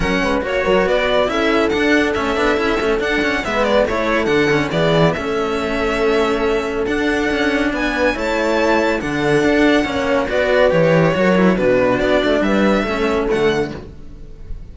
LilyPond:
<<
  \new Staff \with { instrumentName = "violin" } { \time 4/4 \tempo 4 = 140 fis''4 cis''4 d''4 e''4 | fis''4 e''2 fis''4 | e''8 d''8 cis''4 fis''4 d''4 | e''1 |
fis''2 gis''4 a''4~ | a''4 fis''2. | d''4 cis''2 b'4 | d''4 e''2 fis''4 | }
  \new Staff \with { instrumentName = "horn" } { \time 4/4 ais'8 b'8 cis''8 ais'8 b'4 a'4~ | a'1 | b'4 a'2 gis'4 | a'1~ |
a'2 b'4 cis''4~ | cis''4 a'2 cis''4 | b'2 ais'4 fis'4~ | fis'4 b'4 a'2 | }
  \new Staff \with { instrumentName = "cello" } { \time 4/4 cis'4 fis'2 e'4 | d'4 cis'8 d'8 e'8 cis'8 d'8 cis'8 | b4 e'4 d'8 cis'8 b4 | cis'1 |
d'2. e'4~ | e'4 d'2 cis'4 | fis'4 g'4 fis'8 e'8 d'4~ | d'2 cis'4 a4 | }
  \new Staff \with { instrumentName = "cello" } { \time 4/4 fis8 gis8 ais8 fis8 b4 cis'4 | d'4 a8 b8 cis'8 a8 d'4 | gis4 a4 d4 e4 | a1 |
d'4 cis'4 b4 a4~ | a4 d4 d'4 ais4 | b4 e4 fis4 b,4 | b8 a8 g4 a4 d4 | }
>>